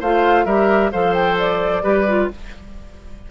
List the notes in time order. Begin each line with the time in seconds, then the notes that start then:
0.00 A3 F4 C5 F5
0.45 G3 G4 A#4 E5
0.92 F3 A4 C5 F5
1.14 G5
1.39 D5
1.83 G3 G4 B4
2.08 F4